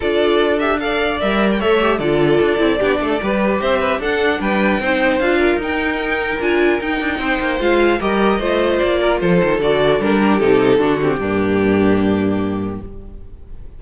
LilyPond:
<<
  \new Staff \with { instrumentName = "violin" } { \time 4/4 \tempo 4 = 150 d''4. e''8 f''4 e''8. g''16 | e''4 d''2.~ | d''4 e''4 fis''4 g''4~ | g''4 f''4 g''2 |
gis''4 g''2 f''4 | dis''2 d''4 c''4 | d''4 ais'4 a'4. g'8~ | g'1 | }
  \new Staff \with { instrumentName = "violin" } { \time 4/4 a'2 d''2 | cis''4 a'2 g'8 a'8 | b'4 c''8 b'8 a'4 b'4 | c''4. ais'2~ ais'8~ |
ais'2 c''2 | ais'4 c''4. ais'8 a'4~ | a'4. g'4. fis'4 | d'1 | }
  \new Staff \with { instrumentName = "viola" } { \time 4/4 f'4. g'8 a'4 ais'4 | a'8 g'8 f'4. e'8 d'4 | g'2 d'2 | dis'4 f'4 dis'2 |
f'4 dis'2 f'4 | g'4 f'2. | fis'4 d'4 dis'4 d'8 c'8 | ais1 | }
  \new Staff \with { instrumentName = "cello" } { \time 4/4 d'2. g4 | a4 d4 d'8 c'8 b8 a8 | g4 c'4 d'4 g4 | c'4 d'4 dis'2 |
d'4 dis'8 d'8 c'8 ais8 gis4 | g4 a4 ais4 f8 dis8 | d4 g4 c4 d4 | g,1 | }
>>